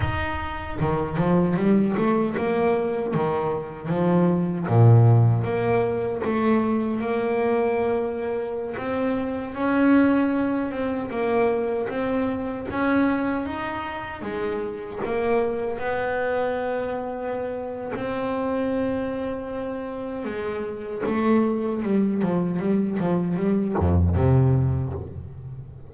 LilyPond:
\new Staff \with { instrumentName = "double bass" } { \time 4/4 \tempo 4 = 77 dis'4 dis8 f8 g8 a8 ais4 | dis4 f4 ais,4 ais4 | a4 ais2~ ais16 c'8.~ | c'16 cis'4. c'8 ais4 c'8.~ |
c'16 cis'4 dis'4 gis4 ais8.~ | ais16 b2~ b8. c'4~ | c'2 gis4 a4 | g8 f8 g8 f8 g8 f,8 c4 | }